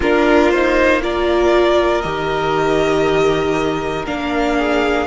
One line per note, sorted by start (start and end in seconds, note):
0.00 2.03 A#3
0.00 0.53 D4
0.00 1.00 F4
0.00 0.50 A#4
0.50 1.01 D#4
0.50 1.01 C5
1.01 2.03 F4
1.01 4.57 A#4
1.01 2.01 D5
2.01 4.06 D#3
2.01 4.06 G4
2.01 4.05 D#5
4.06 5.07 A#3
4.06 5.07 D4
4.06 5.07 F5
4.57 5.07 G#4